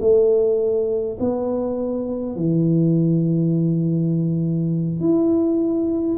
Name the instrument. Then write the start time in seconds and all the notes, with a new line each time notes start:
tuba
0.00 A3
1.20 B3
2.36 E3
5.00 E4